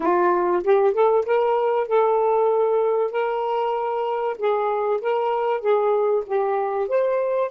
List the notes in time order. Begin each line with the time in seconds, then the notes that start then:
0.00 F4
0.63 G4
0.93 A4
1.25 A#4
1.88 A4
3.11 A#4
4.38 G#4
5.01 A#4
5.60 G#4
6.26 G4
6.88 C5